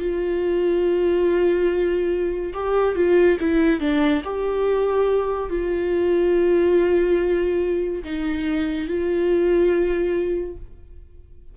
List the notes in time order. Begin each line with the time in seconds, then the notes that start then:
0.00 F4
2.54 G4
2.95 F4
3.40 E4
3.80 D4
4.24 G4
5.50 F4
8.04 D#4
8.88 F4